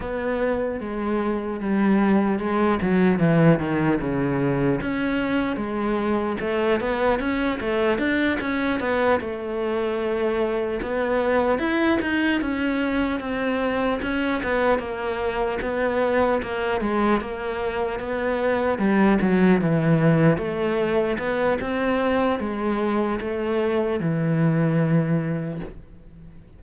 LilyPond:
\new Staff \with { instrumentName = "cello" } { \time 4/4 \tempo 4 = 75 b4 gis4 g4 gis8 fis8 | e8 dis8 cis4 cis'4 gis4 | a8 b8 cis'8 a8 d'8 cis'8 b8 a8~ | a4. b4 e'8 dis'8 cis'8~ |
cis'8 c'4 cis'8 b8 ais4 b8~ | b8 ais8 gis8 ais4 b4 g8 | fis8 e4 a4 b8 c'4 | gis4 a4 e2 | }